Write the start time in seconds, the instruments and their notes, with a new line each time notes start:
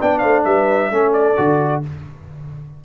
0.00 tuba B3, trombone D4, horn D5, trumpet G5
0.19 tuba A3, horn C5, trumpet F5
0.45 tuba G3, horn B4, trumpet E5
0.91 tuba A3, trombone C#4, horn A4
1.13 trumpet D5
1.37 tuba D3, trombone F#4